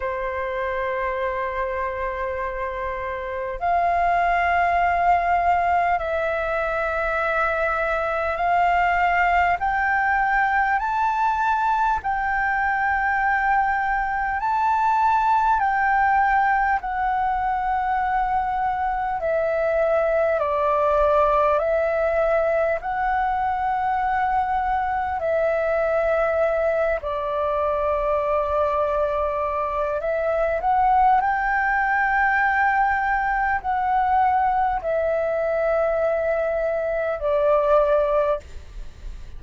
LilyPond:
\new Staff \with { instrumentName = "flute" } { \time 4/4 \tempo 4 = 50 c''2. f''4~ | f''4 e''2 f''4 | g''4 a''4 g''2 | a''4 g''4 fis''2 |
e''4 d''4 e''4 fis''4~ | fis''4 e''4. d''4.~ | d''4 e''8 fis''8 g''2 | fis''4 e''2 d''4 | }